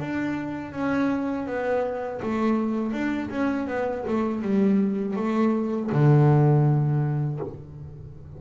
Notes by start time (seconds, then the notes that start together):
0.00 D4
0.73 C#4
1.47 B3
2.23 A3
2.93 D4
3.31 C#4
3.68 B3
4.07 A3
4.43 G3
5.16 A3
5.92 D3